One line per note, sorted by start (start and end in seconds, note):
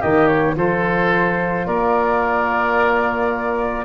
0.00 0.56 D#3
0.00 0.56 A#3
0.00 0.55 G4
0.00 0.28 D#5
0.28 0.56 C#5
0.56 1.67 F3
0.56 3.85 F4
0.56 1.67 A4
0.56 1.67 C5
1.67 3.85 A#3
1.67 3.85 A#4
1.67 3.85 D5